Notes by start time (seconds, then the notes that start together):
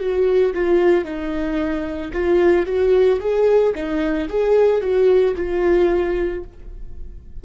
0.00 F#4
0.54 F4
1.05 D#4
2.13 F4
2.66 F#4
3.20 G#4
3.75 D#4
4.29 G#4
4.82 F#4
5.37 F4